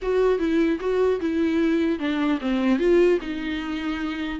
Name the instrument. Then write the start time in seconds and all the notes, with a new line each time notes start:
viola
0.01 F#4
0.39 E4
0.80 F#4
1.20 E4
1.99 D4
2.41 C4
2.79 F4
3.21 D#4